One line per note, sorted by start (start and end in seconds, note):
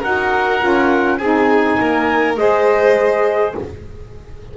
0.00 0.62 D#4
0.00 0.59 F#4
0.00 1.18 A#4
0.00 1.18 F#5
0.59 1.20 C#4
0.59 1.18 F4
1.18 1.79 C4
1.18 2.37 D#4
1.18 1.78 G#4
1.18 2.36 G#5
1.80 2.37 A#3
1.80 2.39 A#4
2.37 3.55 G#3
2.37 3.55 G#4
2.37 3.57 C5
2.37 3.55 D#5